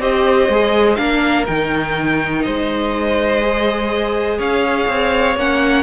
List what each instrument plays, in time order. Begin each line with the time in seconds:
0.00 cello C4, viola G4, violin C5 D#5
0.48 cello G#3, viola G#4
0.96 cello A#3, viola D4, violin A#4 F5
1.46 cello D#3, viola D#4, violin G5
2.42 cello G#3, violin C5 D#5
3.41 viola G#4
4.38 cello C#4, violin C#5 F5
4.88 cello C4
5.36 cello A#3, viola C#4, violin F#5